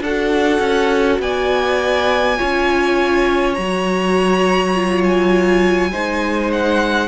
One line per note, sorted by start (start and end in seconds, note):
0.00 0.59 D4
0.00 2.37 F#4
0.00 1.21 A4
0.00 1.21 F#5
0.60 1.18 C#4
1.19 2.37 B3
1.19 2.38 D5
1.19 3.54 G#5
2.37 3.57 C#4
2.37 3.55 F4
2.37 5.91 C#5
3.54 5.93 F#3
3.54 4.74 F#4
3.54 5.01 A#5
4.74 5.92 F4
5.03 6.50 G#5
5.91 7.08 G#3
5.91 7.08 D#4
5.91 7.08 C5
6.52 7.08 F#5